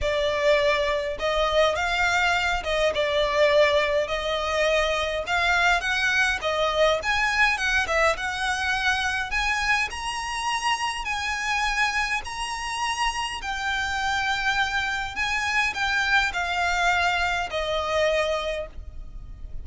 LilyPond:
\new Staff \with { instrumentName = "violin" } { \time 4/4 \tempo 4 = 103 d''2 dis''4 f''4~ | f''8 dis''8 d''2 dis''4~ | dis''4 f''4 fis''4 dis''4 | gis''4 fis''8 e''8 fis''2 |
gis''4 ais''2 gis''4~ | gis''4 ais''2 g''4~ | g''2 gis''4 g''4 | f''2 dis''2 | }